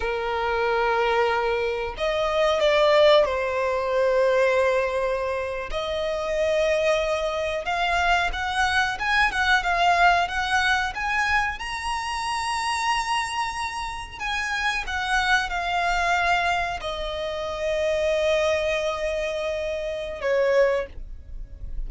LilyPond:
\new Staff \with { instrumentName = "violin" } { \time 4/4 \tempo 4 = 92 ais'2. dis''4 | d''4 c''2.~ | c''8. dis''2. f''16~ | f''8. fis''4 gis''8 fis''8 f''4 fis''16~ |
fis''8. gis''4 ais''2~ ais''16~ | ais''4.~ ais''16 gis''4 fis''4 f''16~ | f''4.~ f''16 dis''2~ dis''16~ | dis''2. cis''4 | }